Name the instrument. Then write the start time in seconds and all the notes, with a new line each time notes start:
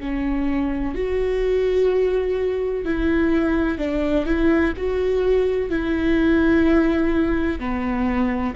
viola
0.00 C#4
0.95 F#4
2.85 E4
3.78 D4
4.26 E4
4.77 F#4
5.70 E4
7.60 B3